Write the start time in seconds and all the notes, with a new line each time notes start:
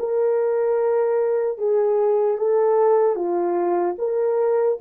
0.00 A#4
1.59 G#4
2.38 A4
3.16 F4
3.99 A#4